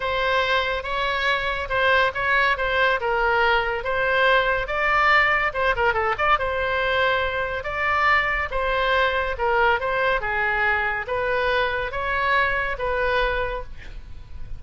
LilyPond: \new Staff \with { instrumentName = "oboe" } { \time 4/4 \tempo 4 = 141 c''2 cis''2 | c''4 cis''4 c''4 ais'4~ | ais'4 c''2 d''4~ | d''4 c''8 ais'8 a'8 d''8 c''4~ |
c''2 d''2 | c''2 ais'4 c''4 | gis'2 b'2 | cis''2 b'2 | }